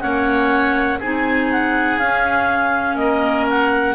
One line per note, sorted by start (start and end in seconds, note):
0.00 1.00 A#3
0.00 0.99 C#4
0.00 0.99 C#5
0.00 0.98 F#5
0.99 1.97 C4
0.99 2.01 D#4
0.99 2.96 G#4
0.99 1.50 G#5
1.51 1.99 F#5
1.97 2.94 C#4
1.97 3.95 C#4
1.97 2.97 F5
2.94 3.93 A#3
2.94 3.95 A#4
2.94 3.46 D#5
3.49 3.95 F#5